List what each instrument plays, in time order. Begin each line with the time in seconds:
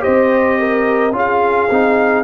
0.00 trombone G4, horn C5, trumpet D#5
0.07 tuba C4
0.59 horn A#4
1.12 tuba C#4, trombone F4, horn G#4
1.18 trumpet F5
1.70 tuba C4, trombone D#4